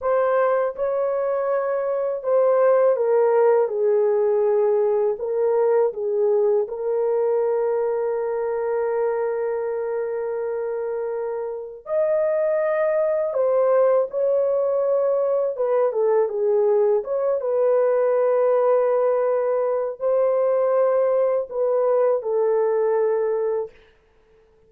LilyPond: \new Staff \with { instrumentName = "horn" } { \time 4/4 \tempo 4 = 81 c''4 cis''2 c''4 | ais'4 gis'2 ais'4 | gis'4 ais'2.~ | ais'1 |
dis''2 c''4 cis''4~ | cis''4 b'8 a'8 gis'4 cis''8 b'8~ | b'2. c''4~ | c''4 b'4 a'2 | }